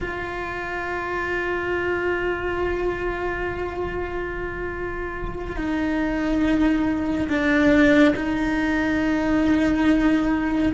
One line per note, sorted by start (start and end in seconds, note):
0.00 5.56 F4
5.56 7.27 D#4
7.29 8.14 D4
8.15 10.72 D#4